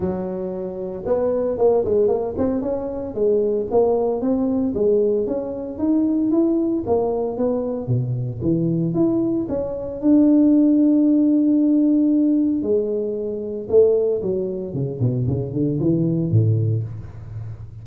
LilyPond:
\new Staff \with { instrumentName = "tuba" } { \time 4/4 \tempo 4 = 114 fis2 b4 ais8 gis8 | ais8 c'8 cis'4 gis4 ais4 | c'4 gis4 cis'4 dis'4 | e'4 ais4 b4 b,4 |
e4 e'4 cis'4 d'4~ | d'1 | gis2 a4 fis4 | cis8 b,8 cis8 d8 e4 a,4 | }